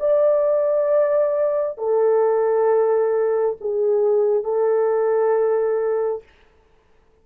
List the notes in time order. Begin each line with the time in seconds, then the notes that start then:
0.00 D5
1.78 A4
3.61 G#4
4.44 A4